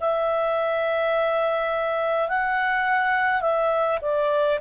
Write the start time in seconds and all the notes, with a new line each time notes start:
0.00 E5
2.29 F#5
3.41 E5
4.01 D5